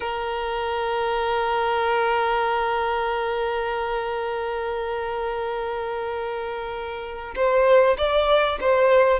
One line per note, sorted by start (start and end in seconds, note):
0.00 7.34 A#4
7.35 7.96 C5
7.97 8.59 D5
8.60 9.19 C5